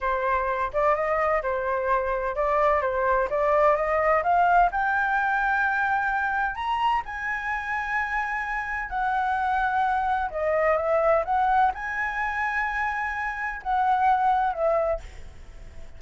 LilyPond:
\new Staff \with { instrumentName = "flute" } { \time 4/4 \tempo 4 = 128 c''4. d''8 dis''4 c''4~ | c''4 d''4 c''4 d''4 | dis''4 f''4 g''2~ | g''2 ais''4 gis''4~ |
gis''2. fis''4~ | fis''2 dis''4 e''4 | fis''4 gis''2.~ | gis''4 fis''2 e''4 | }